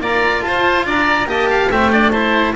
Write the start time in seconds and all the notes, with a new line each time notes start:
0.00 A#3 F4 D5 A#5
0.41 F4 C5 A5
0.86 D4 D5 A#5
1.26 A#3 G4 D#5 A5
1.50 F5
1.70 A3 C4 E5 G5
1.91 D4 D5
2.10 E4 C5 A5